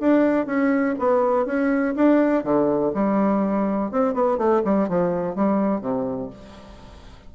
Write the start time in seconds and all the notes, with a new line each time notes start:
0.00 D4
0.46 C#4
0.99 B3
1.46 C#4
1.95 D4
2.43 D3
2.94 G3
3.91 C4
4.13 B3
4.38 A3
4.65 G3
4.88 F3
5.35 G3
5.81 C3